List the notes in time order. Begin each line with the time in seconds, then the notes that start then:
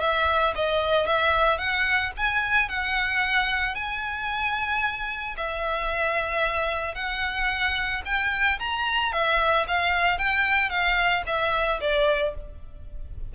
0.00 E5
0.55 D#5
1.06 E5
1.58 F#5
2.16 G#5
2.68 F#5
3.75 G#5
5.36 E5
6.94 F#5
8.05 G5
8.59 A#5
9.12 E5
9.67 F5
10.18 G5
10.69 F5
11.26 E5
11.81 D5